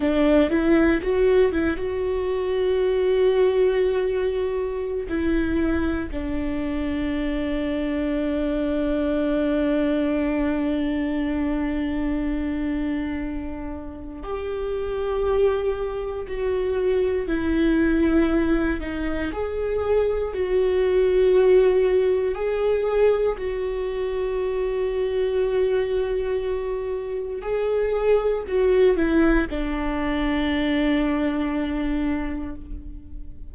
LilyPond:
\new Staff \with { instrumentName = "viola" } { \time 4/4 \tempo 4 = 59 d'8 e'8 fis'8 e'16 fis'2~ fis'16~ | fis'4 e'4 d'2~ | d'1~ | d'2 g'2 |
fis'4 e'4. dis'8 gis'4 | fis'2 gis'4 fis'4~ | fis'2. gis'4 | fis'8 e'8 d'2. | }